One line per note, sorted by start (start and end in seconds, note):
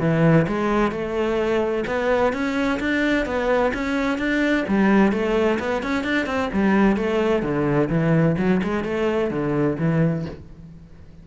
0.00 0.47 E3
0.48 0.92 G#3
0.92 1.85 A3
1.87 2.33 B3
2.33 2.80 C#4
2.80 3.26 D4
3.26 3.73 B3
3.74 4.19 C#4
4.19 4.65 D4
4.68 5.12 G3
5.12 5.59 A3
5.60 5.83 B3
5.83 6.04 C#4
6.04 6.26 D4
6.26 6.50 C4
6.53 6.97 G3
6.97 7.43 A3
7.43 7.89 D3
7.90 8.36 E3
8.38 8.61 F#3
8.64 8.85 G#3
8.85 9.31 A3
9.31 9.77 D3
9.79 10.26 E3